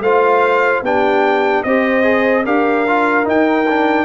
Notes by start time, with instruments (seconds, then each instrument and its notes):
0.00 tuba A3, trombone F4, horn C5, trumpet F5
0.82 tuba B3, trombone D4, horn G4, trumpet G5
1.64 tuba C4, trombone G4, horn C5, trumpet D#5
2.04 trombone G#4
2.45 tuba D4, trombone G4, horn A#4, trumpet F5
2.87 trombone F4
3.24 trombone D#4, tuba D#4, trumpet G5
3.69 trombone D4